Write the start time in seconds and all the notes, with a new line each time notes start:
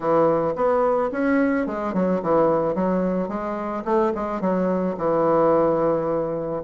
0.00 E3
0.55 B3
1.11 C#4
1.66 G#3
1.93 F#3
2.22 E3
2.74 F#3
3.28 G#3
3.85 A3
4.14 G#3
4.40 F#3
4.97 E3